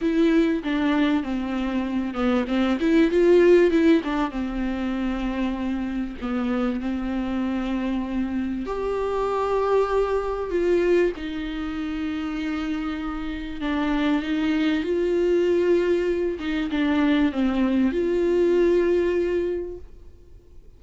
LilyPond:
\new Staff \with { instrumentName = "viola" } { \time 4/4 \tempo 4 = 97 e'4 d'4 c'4. b8 | c'8 e'8 f'4 e'8 d'8 c'4~ | c'2 b4 c'4~ | c'2 g'2~ |
g'4 f'4 dis'2~ | dis'2 d'4 dis'4 | f'2~ f'8 dis'8 d'4 | c'4 f'2. | }